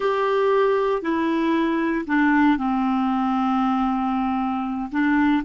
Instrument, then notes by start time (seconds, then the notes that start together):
clarinet
0.00 G4
1.02 E4
2.06 D4
2.57 C4
4.91 D4